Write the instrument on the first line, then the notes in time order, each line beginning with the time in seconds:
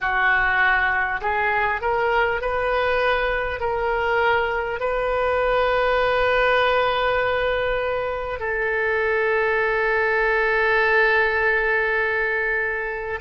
oboe
0.01 F#4
1.21 G#4
1.81 A#4
2.41 B4
3.59 A#4
4.80 B4
8.39 A4